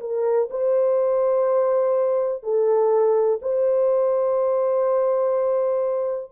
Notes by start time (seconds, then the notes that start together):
0.00 A#4
0.50 C5
2.43 A4
3.42 C5